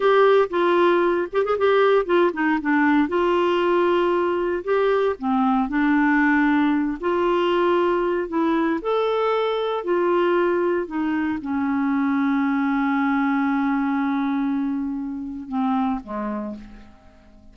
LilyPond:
\new Staff \with { instrumentName = "clarinet" } { \time 4/4 \tempo 4 = 116 g'4 f'4. g'16 gis'16 g'4 | f'8 dis'8 d'4 f'2~ | f'4 g'4 c'4 d'4~ | d'4. f'2~ f'8 |
e'4 a'2 f'4~ | f'4 dis'4 cis'2~ | cis'1~ | cis'2 c'4 gis4 | }